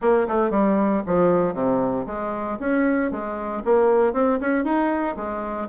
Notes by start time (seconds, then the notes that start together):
0.01 A#3
0.28 A3
0.50 G3
1.06 F3
1.54 C3
2.06 G#3
2.59 C#4
3.11 G#3
3.65 A#3
4.13 C4
4.40 C#4
4.64 D#4
5.16 G#3